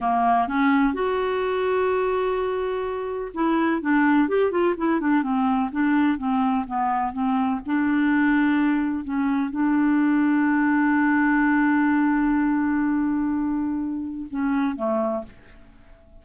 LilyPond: \new Staff \with { instrumentName = "clarinet" } { \time 4/4 \tempo 4 = 126 ais4 cis'4 fis'2~ | fis'2. e'4 | d'4 g'8 f'8 e'8 d'8 c'4 | d'4 c'4 b4 c'4 |
d'2. cis'4 | d'1~ | d'1~ | d'2 cis'4 a4 | }